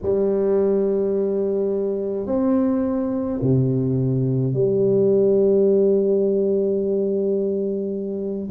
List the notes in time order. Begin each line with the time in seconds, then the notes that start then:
0.02 G3
2.26 C4
3.41 C3
4.53 G3